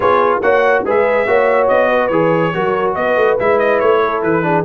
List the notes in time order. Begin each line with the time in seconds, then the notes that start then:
0.00 B3 F4 G#4 C#5
0.42 A#3 F#4 C#5 F#5
0.85 G#3 G#4 B4 E5
1.26 A#3 F#4 C#5
1.68 B3 D#5
1.89 B4
2.07 E3 G#4 C#5
2.53 F#3 F#4 A#4
2.94 B3 B4 D#5
3.15 A3
3.39 G#3 E4 E5
3.58 D#5
3.79 A3 C#5
4.02 A4
4.22 E3 B4
4.42 D4 G#4